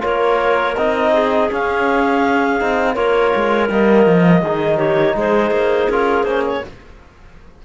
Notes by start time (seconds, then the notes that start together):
0.00 A#3 F4 A#4 C#5
0.76 C4 D#4 D#5
1.12 G#4
1.50 C#4 F5
2.59 C4 D#4
2.93 A#3 F4 A#4 C#5
3.35 G#3
3.69 G3 A#3 D#5
4.06 F3
4.41 D#3 D#4 G#4
4.77 G4 C#5
5.14 G#3 G#4 C5
5.51 A#3
5.89 C#4 F4 A#4
6.23 A#3 C#4 C5
6.46 C#5